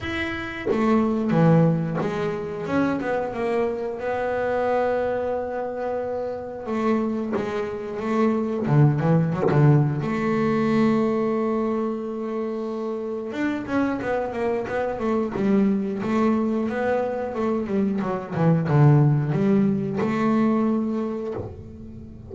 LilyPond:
\new Staff \with { instrumentName = "double bass" } { \time 4/4 \tempo 4 = 90 e'4 a4 e4 gis4 | cis'8 b8 ais4 b2~ | b2 a4 gis4 | a4 d8 e8 fis16 d8. a4~ |
a1 | d'8 cis'8 b8 ais8 b8 a8 g4 | a4 b4 a8 g8 fis8 e8 | d4 g4 a2 | }